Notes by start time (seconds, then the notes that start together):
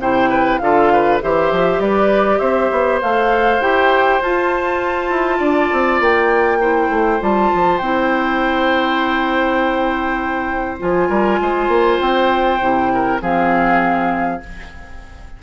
0.00 C3 E4 C5 G5
0.29 B4
0.58 D3 F4 A4 F5
0.93 B4
1.22 E3 G4 C5 E5
1.51 F3
1.79 G3 B4 D5
2.39 C4 C5 E5
2.71 B3
3.01 A3 A4 F5
3.60 E4 G4 G5
4.21 F4 A5
5.10 E4
5.38 D4 D5
5.72 C4
6.00 A#3 G5
6.61 E4 C5
6.89 A3
7.20 G3 F4 A5
7.54 F3
7.78 C4 E4 G5
10.79 F3 F4 G#5
11.09 G3 A#4
11.40 G#3 C5
11.68 A#3
12.00 C4 G5
12.60 C3 E4
12.94 A#4
13.20 F3 C4 G#4 F5